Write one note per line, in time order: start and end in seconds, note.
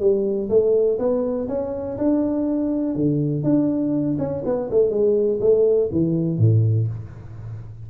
0.00 0.49 G3
0.49 0.99 A3
0.99 1.48 B3
1.48 1.98 C#4
1.98 2.96 D4
2.96 3.44 D3
3.44 4.17 D4
4.19 4.43 C#4
4.45 4.70 B3
4.71 4.90 A3
4.90 5.40 G#3
5.41 5.90 A3
5.92 6.38 E3
6.38 6.88 A2